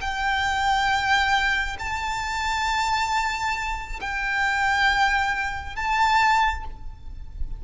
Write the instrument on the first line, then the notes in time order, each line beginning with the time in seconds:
violin
0.00 G5
1.79 A5
4.00 G5
5.76 A5